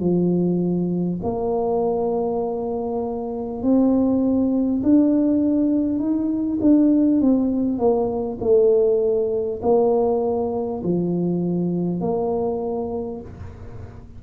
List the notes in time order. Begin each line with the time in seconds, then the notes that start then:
0.00 F3
1.23 A#3
3.62 C4
4.83 D4
5.99 D#4
6.61 D4
7.21 C4
7.78 A#3
8.41 A3
9.62 A#3
10.83 F3
12.01 A#3